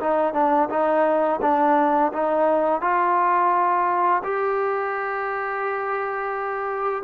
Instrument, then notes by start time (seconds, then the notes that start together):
trombone
0.00 D#4
0.34 D4
0.70 D#4
1.42 D4
2.13 D#4
2.81 F4
4.24 G4